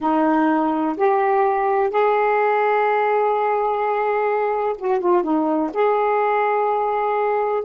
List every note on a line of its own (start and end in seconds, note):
0.01 0.96 D#4
0.97 1.90 G4
1.90 4.76 G#4
4.77 5.00 F#4
5.00 5.23 F4
5.23 5.70 D#4
5.73 7.64 G#4